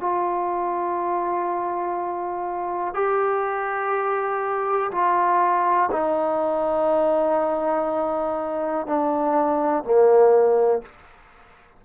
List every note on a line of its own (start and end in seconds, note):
0.00 2.94 F4
2.94 4.91 G4
4.91 5.90 F4
5.92 8.86 D#4
8.86 9.84 D4
9.84 10.82 A#3